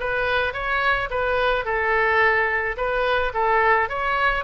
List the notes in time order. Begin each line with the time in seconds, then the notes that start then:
0.00 B4
0.54 C#5
1.10 B4
1.65 A4
2.77 B4
3.34 A4
3.89 C#5